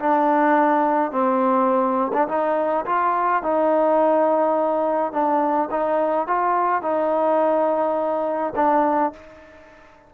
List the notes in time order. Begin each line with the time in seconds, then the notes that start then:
0.00 D4
1.12 C4
2.14 D4
2.28 D#4
2.86 F4
3.43 D#4
5.12 D4
5.71 D#4
6.27 F4
6.82 D#4
8.56 D4